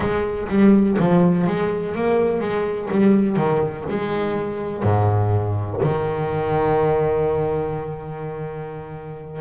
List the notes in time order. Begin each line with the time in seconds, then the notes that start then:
0.00 G#3
0.48 G3
0.99 F3
1.46 G#3
1.95 A#3
2.40 G#3
2.90 G3
3.36 D#3
3.89 G#3
4.83 G#2
5.82 D#3